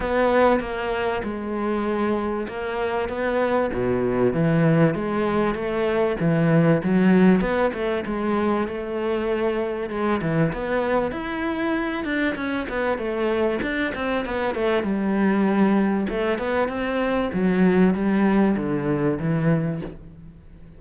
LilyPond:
\new Staff \with { instrumentName = "cello" } { \time 4/4 \tempo 4 = 97 b4 ais4 gis2 | ais4 b4 b,4 e4 | gis4 a4 e4 fis4 | b8 a8 gis4 a2 |
gis8 e8 b4 e'4. d'8 | cis'8 b8 a4 d'8 c'8 b8 a8 | g2 a8 b8 c'4 | fis4 g4 d4 e4 | }